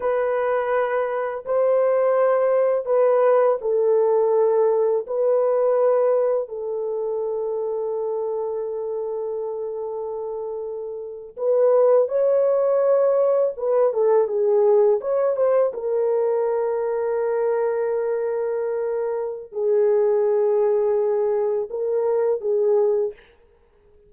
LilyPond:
\new Staff \with { instrumentName = "horn" } { \time 4/4 \tempo 4 = 83 b'2 c''2 | b'4 a'2 b'4~ | b'4 a'2.~ | a'2.~ a'8. b'16~ |
b'8. cis''2 b'8 a'8 gis'16~ | gis'8. cis''8 c''8 ais'2~ ais'16~ | ais'2. gis'4~ | gis'2 ais'4 gis'4 | }